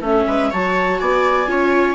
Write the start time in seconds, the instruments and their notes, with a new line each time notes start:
0.00 bassoon A3, viola C#4 A4, clarinet E5
0.27 bassoon G#3, viola B4
0.50 bassoon F#3, viola F#4 C#5, clarinet A5
0.99 bassoon B3, viola D5, clarinet G#5
1.46 bassoon C#4, viola F4 C#5